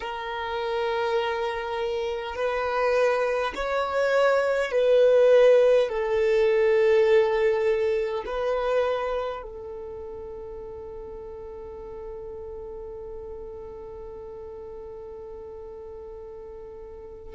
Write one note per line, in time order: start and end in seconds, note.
0.00 2.35 A#4
2.35 3.53 B4
3.55 4.71 C#5
4.71 5.88 B4
5.88 8.24 A4
8.26 9.42 B4
9.42 17.34 A4